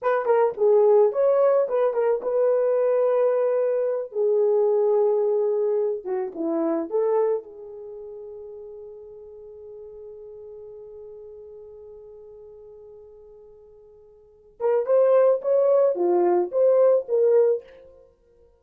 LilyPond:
\new Staff \with { instrumentName = "horn" } { \time 4/4 \tempo 4 = 109 b'8 ais'8 gis'4 cis''4 b'8 ais'8 | b'2.~ b'8 gis'8~ | gis'2. fis'8 e'8~ | e'8 a'4 gis'2~ gis'8~ |
gis'1~ | gis'1~ | gis'2~ gis'8 ais'8 c''4 | cis''4 f'4 c''4 ais'4 | }